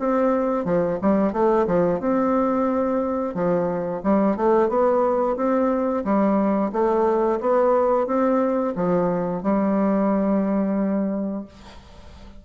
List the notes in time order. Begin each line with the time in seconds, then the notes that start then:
0.00 C4
0.66 F3
1.02 G3
1.33 A3
1.67 F3
2.00 C4
3.35 F3
4.04 G3
4.37 A3
4.69 B3
5.37 C4
6.05 G3
6.73 A3
7.41 B3
8.07 C4
8.76 F3
9.44 G3